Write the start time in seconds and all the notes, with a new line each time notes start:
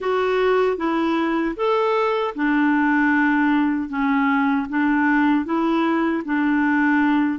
0.00 F#4
0.77 E4
1.56 A4
2.35 D4
3.89 C#4
4.69 D4
5.45 E4
6.24 D4